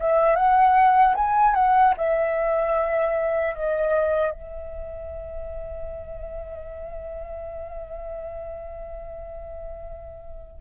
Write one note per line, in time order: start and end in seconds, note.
0.00 0.36 E5
0.36 1.14 F#5
1.15 1.54 G#5
1.54 1.94 F#5
1.97 3.55 E5
3.55 4.31 D#5
4.31 10.61 E5